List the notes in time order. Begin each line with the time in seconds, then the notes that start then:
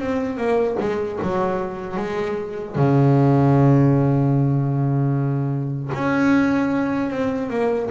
0.00 C4
0.37 A#3
0.80 G#3
1.22 F#3
1.97 G#3
2.76 C#3
5.94 C#4
7.11 C4
7.50 A#3